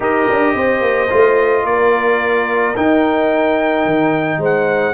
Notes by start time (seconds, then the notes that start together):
0.00 D#4 G4 A#4 D#5
0.29 D4
0.54 C4 C5
0.81 A#3
1.10 A3 F4
1.64 A#3 A#4 D5
2.76 D#4 G5
3.85 D#3
4.37 G#3 C5
4.44 F#5